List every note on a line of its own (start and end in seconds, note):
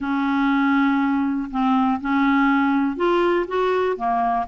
0.00 1.49 C#4
1.51 2.00 C4
2.00 2.96 C#4
2.96 3.46 F4
3.47 3.96 F#4
3.96 4.46 A#3